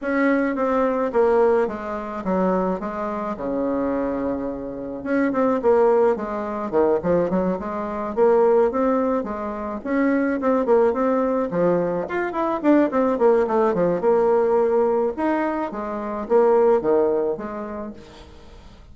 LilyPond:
\new Staff \with { instrumentName = "bassoon" } { \time 4/4 \tempo 4 = 107 cis'4 c'4 ais4 gis4 | fis4 gis4 cis2~ | cis4 cis'8 c'8 ais4 gis4 | dis8 f8 fis8 gis4 ais4 c'8~ |
c'8 gis4 cis'4 c'8 ais8 c'8~ | c'8 f4 f'8 e'8 d'8 c'8 ais8 | a8 f8 ais2 dis'4 | gis4 ais4 dis4 gis4 | }